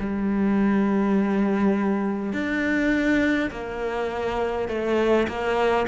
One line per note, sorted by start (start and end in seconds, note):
0.00 2.33 G3
2.33 3.51 D4
3.51 4.68 A#3
4.68 5.27 A3
5.28 5.87 A#3